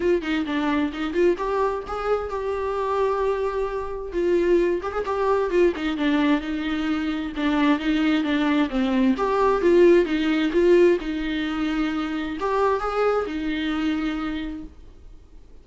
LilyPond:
\new Staff \with { instrumentName = "viola" } { \time 4/4 \tempo 4 = 131 f'8 dis'8 d'4 dis'8 f'8 g'4 | gis'4 g'2.~ | g'4 f'4. g'16 gis'16 g'4 | f'8 dis'8 d'4 dis'2 |
d'4 dis'4 d'4 c'4 | g'4 f'4 dis'4 f'4 | dis'2. g'4 | gis'4 dis'2. | }